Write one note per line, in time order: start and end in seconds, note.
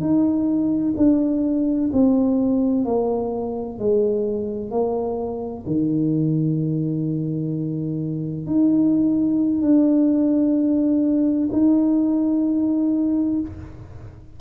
0.00 0.94 D#4
0.96 1.90 D4
1.93 2.85 C4
2.85 3.78 A#3
3.78 4.70 G#3
4.70 5.64 A#3
5.66 8.46 D#3
8.46 9.61 D#4
9.61 11.49 D4
11.52 13.40 D#4